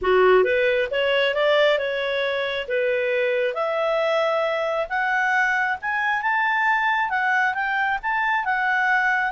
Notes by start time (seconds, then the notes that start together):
0.01 F#4
0.44 B4
0.91 C#5
1.34 D5
1.78 C#5
2.67 B4
3.53 E5
4.89 F#5
5.81 G#5
6.22 A5
7.09 F#5
7.54 G5
8.02 A5
8.44 F#5